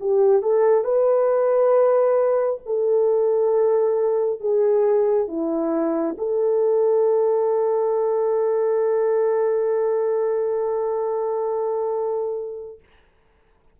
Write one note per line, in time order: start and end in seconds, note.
0.00 0.42 G4
0.42 0.84 A4
0.84 2.60 B4
2.66 4.40 A4
4.40 5.27 G#4
5.27 6.16 E4
6.17 12.79 A4